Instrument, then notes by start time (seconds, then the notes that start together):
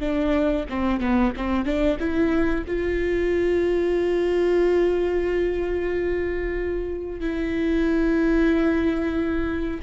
viola
0.00 D4
0.70 C4
1.00 B3
1.37 C4
1.65 D4
2.00 E4
2.67 F4
7.20 E4